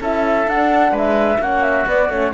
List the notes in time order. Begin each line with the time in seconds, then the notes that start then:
0.00 C#4 E4 A4 E5
0.46 D4 F#5
0.91 G#3 B4
0.97 E5
1.39 A#3 C#4 F#4 F#5
1.63 E5
1.86 B3 D5
2.09 A3 C#4 C#5